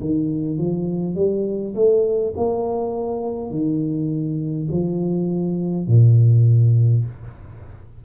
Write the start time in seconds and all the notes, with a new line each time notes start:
0.00 D#3
0.58 F3
1.15 G3
1.74 A3
2.36 A#3
3.50 D#3
4.71 F3
5.87 A#2